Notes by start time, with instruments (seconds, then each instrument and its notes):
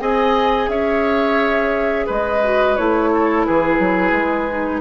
0.00 bassoon C4, clarinet G#4, oboe D#5, flute G#5
0.68 bassoon C#4, oboe C#5, flute E5
2.07 bassoon G#3, oboe B4, flute D#5
2.44 clarinet F#4
2.76 bassoon A3, clarinet E4, flute C#5
3.14 oboe A4
3.46 bassoon E3, oboe G#4, flute B4
3.79 bassoon F#3
4.12 bassoon G#3
4.50 clarinet D#4